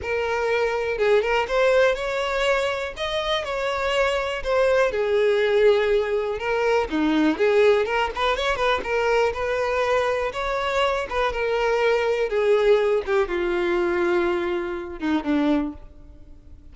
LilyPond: \new Staff \with { instrumentName = "violin" } { \time 4/4 \tempo 4 = 122 ais'2 gis'8 ais'8 c''4 | cis''2 dis''4 cis''4~ | cis''4 c''4 gis'2~ | gis'4 ais'4 dis'4 gis'4 |
ais'8 b'8 cis''8 b'8 ais'4 b'4~ | b'4 cis''4. b'8 ais'4~ | ais'4 gis'4. g'8 f'4~ | f'2~ f'8 dis'8 d'4 | }